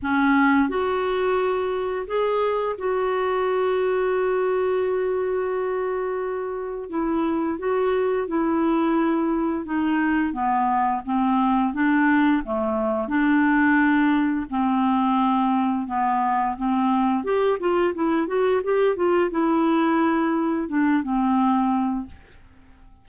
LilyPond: \new Staff \with { instrumentName = "clarinet" } { \time 4/4 \tempo 4 = 87 cis'4 fis'2 gis'4 | fis'1~ | fis'2 e'4 fis'4 | e'2 dis'4 b4 |
c'4 d'4 a4 d'4~ | d'4 c'2 b4 | c'4 g'8 f'8 e'8 fis'8 g'8 f'8 | e'2 d'8 c'4. | }